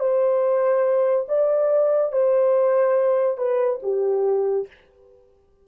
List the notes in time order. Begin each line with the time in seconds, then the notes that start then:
0.00 C5
1.29 D5
2.12 C5
3.38 B4
3.83 G4